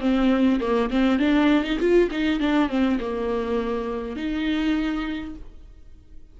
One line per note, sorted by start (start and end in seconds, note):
0.00 0.59 C4
0.60 0.89 A#3
0.90 1.19 C4
1.19 1.63 D4
1.64 1.78 D#4
1.79 2.09 F4
2.11 2.40 D#4
2.40 2.69 D4
2.69 2.98 C4
2.99 4.16 A#3
4.16 5.34 D#4